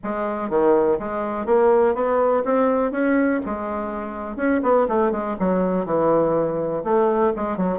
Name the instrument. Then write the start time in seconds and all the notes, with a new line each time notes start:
bassoon
0.03 G#3
0.49 D#3
0.99 G#3
1.45 A#3
1.94 B3
2.44 C4
2.91 C#4
3.45 G#3
4.36 C#4
4.63 B3
4.88 A3
5.11 G#3
5.39 F#3
5.85 E3
6.84 A3
7.35 G#3
7.57 F#3